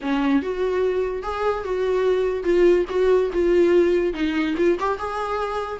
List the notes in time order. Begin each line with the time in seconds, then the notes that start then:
0.01 C#4
0.42 F#4
1.22 G#4
1.64 F#4
2.43 F4
2.89 F#4
3.33 F4
4.13 D#4
4.57 F4
4.79 G4
4.98 G#4